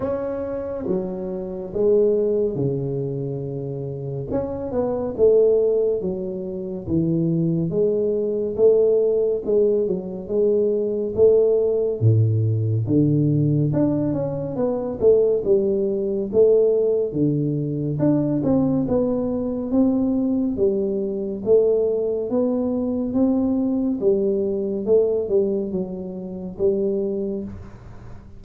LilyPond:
\new Staff \with { instrumentName = "tuba" } { \time 4/4 \tempo 4 = 70 cis'4 fis4 gis4 cis4~ | cis4 cis'8 b8 a4 fis4 | e4 gis4 a4 gis8 fis8 | gis4 a4 a,4 d4 |
d'8 cis'8 b8 a8 g4 a4 | d4 d'8 c'8 b4 c'4 | g4 a4 b4 c'4 | g4 a8 g8 fis4 g4 | }